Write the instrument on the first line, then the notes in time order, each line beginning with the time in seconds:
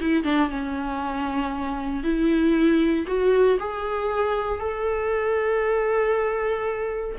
viola
0.00 E4
0.24 D4
0.49 C#4
2.03 E4
3.07 F#4
3.59 G#4
4.60 A4